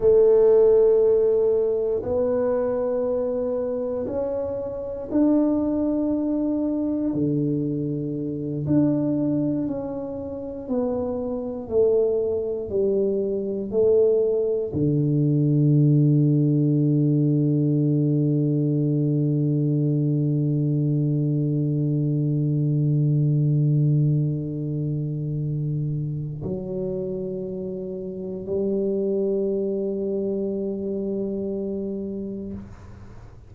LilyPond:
\new Staff \with { instrumentName = "tuba" } { \time 4/4 \tempo 4 = 59 a2 b2 | cis'4 d'2 d4~ | d8 d'4 cis'4 b4 a8~ | a8 g4 a4 d4.~ |
d1~ | d1~ | d2 fis2 | g1 | }